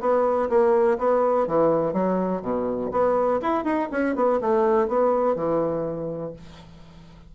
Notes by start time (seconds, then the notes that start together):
0.00 B3
0.49 A#3
0.98 B3
1.47 E3
1.93 F#3
2.41 B2
2.91 B3
3.42 E4
3.64 D#4
3.91 C#4
4.15 B3
4.41 A3
4.87 B3
5.35 E3